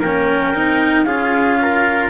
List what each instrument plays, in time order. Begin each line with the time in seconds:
0.00 double bass A#3, cello C#4, trumpet A#4, clarinet G5
0.53 double bass C4, cello D#4
1.04 double bass C#4, cello F4, trumpet G#4, clarinet F5
1.62 trumpet A#4